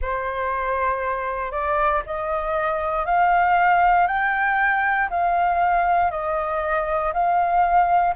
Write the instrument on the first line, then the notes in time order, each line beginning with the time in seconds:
flute
0.01 C5
1.51 D5
2.06 D#5
3.05 F5
4.07 G5
5.10 F5
6.11 D#5
7.13 F5